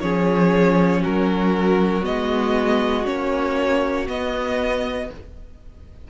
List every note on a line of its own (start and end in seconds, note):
0.00 1.03 F3
0.00 2.02 C#4
0.00 1.01 G#4
0.00 1.02 C#5
1.01 2.05 F#3
1.01 5.07 F#4
1.01 2.04 A#4
2.02 3.07 G#3
2.02 3.03 B3
2.02 3.06 D#5
3.04 4.08 A#3
3.04 4.06 C#4
3.04 4.07 C#5
4.07 5.09 B3
4.07 5.10 B3
4.07 5.10 D#5